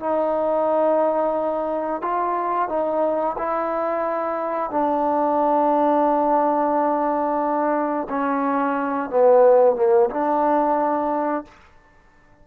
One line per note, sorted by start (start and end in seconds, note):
0.00 2.02 D#4
2.02 2.69 F4
2.69 3.36 D#4
3.38 4.71 E4
4.71 8.08 D4
8.10 9.10 C#4
9.10 9.76 B3
9.76 10.10 A#3
10.10 11.45 D4